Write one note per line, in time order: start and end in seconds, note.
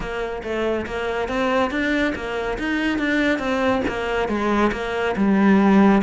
0.00 0.42 A#3
0.43 0.86 A3
0.86 1.28 A#3
1.28 1.71 C4
1.71 2.14 D4
2.15 2.58 A#3
2.58 2.98 D#4
2.98 3.39 D4
3.39 3.81 C4
3.87 4.28 A#3
4.28 4.71 G#3
4.72 5.15 A#3
5.16 6.02 G3